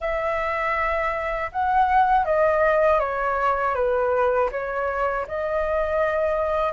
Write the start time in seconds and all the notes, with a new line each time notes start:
0.00 E5
1.51 F#5
2.25 D#5
2.99 C#5
3.74 B4
4.51 C#5
5.27 D#5